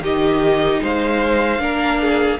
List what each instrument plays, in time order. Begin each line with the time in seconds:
0.00 cello D#3, viola D#4, violin G4 D#5
0.82 cello G#3, violin C5 F5
1.58 cello A#3, viola D4, violin A#4
2.00 violin G#4